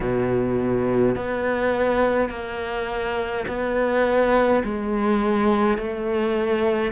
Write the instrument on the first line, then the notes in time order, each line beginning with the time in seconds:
cello
0.00 B2
1.15 B3
2.29 A#3
3.47 B3
4.64 G#3
5.77 A3